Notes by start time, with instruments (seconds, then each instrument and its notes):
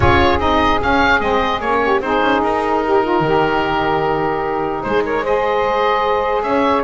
0.00 double bass C#4, saxophone F4 G#4, oboe C#5
0.38 double bass C4, saxophone D#4, oboe D#5
0.80 saxophone C#4, double bass C#4, oboe F5
1.20 double bass G#3, saxophone C4, oboe D#5
1.60 double bass A#3, saxophone C#4, oboe C#5
1.82 saxophone G4
2.00 double bass C4, saxophone D#4 G#4, oboe C5
2.21 double bass C#4
2.41 double bass D#4, oboe A#4
2.84 saxophone G4
3.03 saxophone F4
3.19 double bass D#3, saxophone G4
4.82 double bass G#3, saxophone G#4, oboe C5
5.04 saxophone A#4, oboe C#5
5.22 saxophone G#4 C5, oboe D#5
6.43 double bass C#4, saxophone C#5, oboe E5